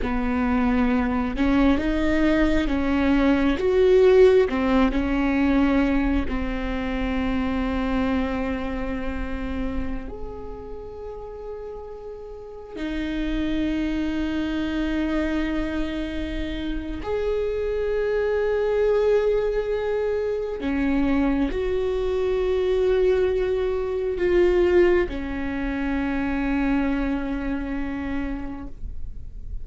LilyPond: \new Staff \with { instrumentName = "viola" } { \time 4/4 \tempo 4 = 67 b4. cis'8 dis'4 cis'4 | fis'4 c'8 cis'4. c'4~ | c'2.~ c'16 gis'8.~ | gis'2~ gis'16 dis'4.~ dis'16~ |
dis'2. gis'4~ | gis'2. cis'4 | fis'2. f'4 | cis'1 | }